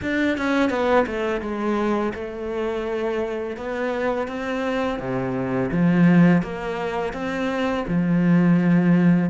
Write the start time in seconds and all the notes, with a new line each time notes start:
0.02 D4
0.37 C#4
0.69 B3
1.06 A3
1.41 G#3
2.14 A3
3.56 B3
4.27 C4
4.99 C3
5.71 F3
6.42 A#3
7.13 C4
7.87 F3